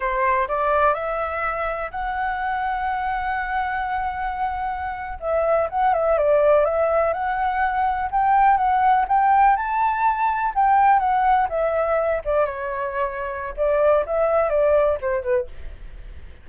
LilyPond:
\new Staff \with { instrumentName = "flute" } { \time 4/4 \tempo 4 = 124 c''4 d''4 e''2 | fis''1~ | fis''2~ fis''8. e''4 fis''16~ | fis''16 e''8 d''4 e''4 fis''4~ fis''16~ |
fis''8. g''4 fis''4 g''4 a''16~ | a''4.~ a''16 g''4 fis''4 e''16~ | e''4~ e''16 d''8 cis''2~ cis''16 | d''4 e''4 d''4 c''8 b'8 | }